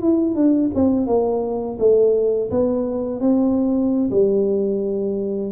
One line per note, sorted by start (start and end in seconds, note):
0.00 0.34 E4
0.34 0.70 D4
0.74 1.06 C4
1.06 1.78 A#3
1.78 2.50 A3
2.50 3.20 B3
3.20 4.09 C4
4.10 5.52 G3